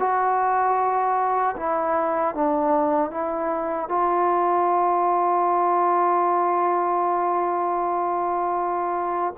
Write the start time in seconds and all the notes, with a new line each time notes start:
0.00 F#4
1.57 E4
2.35 D4
3.11 E4
3.89 F4